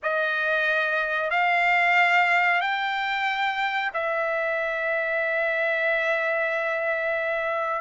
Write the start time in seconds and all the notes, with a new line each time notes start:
0.03 D#5
1.30 F5
2.60 G5
3.93 E5